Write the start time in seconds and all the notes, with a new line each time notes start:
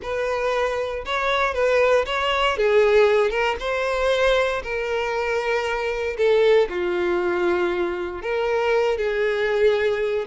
0.02 B4
1.05 C#5
1.54 B4
2.05 C#5
2.57 G#4
3.30 A#4
3.59 C5
4.63 A#4
6.17 A4
6.69 F4
8.22 A#4
8.97 G#4